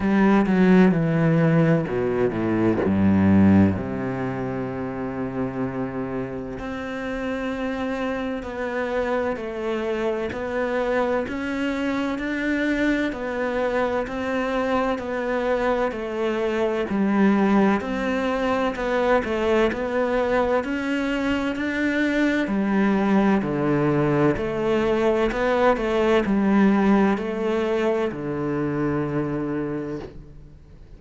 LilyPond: \new Staff \with { instrumentName = "cello" } { \time 4/4 \tempo 4 = 64 g8 fis8 e4 b,8 a,8 g,4 | c2. c'4~ | c'4 b4 a4 b4 | cis'4 d'4 b4 c'4 |
b4 a4 g4 c'4 | b8 a8 b4 cis'4 d'4 | g4 d4 a4 b8 a8 | g4 a4 d2 | }